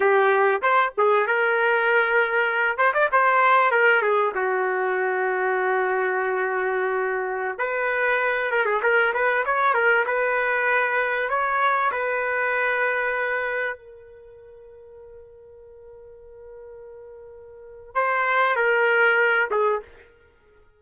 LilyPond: \new Staff \with { instrumentName = "trumpet" } { \time 4/4 \tempo 4 = 97 g'4 c''8 gis'8 ais'2~ | ais'8 c''16 d''16 c''4 ais'8 gis'8 fis'4~ | fis'1~ | fis'16 b'4. ais'16 gis'16 ais'8 b'8 cis''8 ais'16~ |
ais'16 b'2 cis''4 b'8.~ | b'2~ b'16 ais'4.~ ais'16~ | ais'1~ | ais'4 c''4 ais'4. gis'8 | }